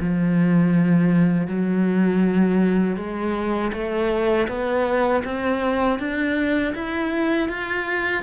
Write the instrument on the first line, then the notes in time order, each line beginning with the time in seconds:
cello
0.00 F3
1.47 F#3
2.97 G#3
3.73 A3
4.48 B3
5.24 C4
5.99 D4
6.75 E4
7.49 F4